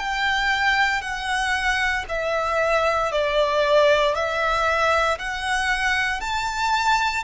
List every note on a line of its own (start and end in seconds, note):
0.00 1.02 G5
1.02 2.05 F#5
2.09 3.12 E5
3.12 4.15 D5
4.15 5.19 E5
5.19 6.21 F#5
6.21 7.25 A5